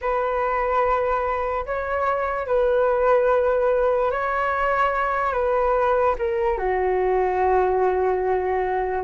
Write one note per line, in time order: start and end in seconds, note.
0.01 1.65 B4
1.66 2.47 C#5
2.47 4.11 B4
4.11 5.32 C#5
5.32 6.15 B4
6.18 6.58 A#4
6.58 9.04 F#4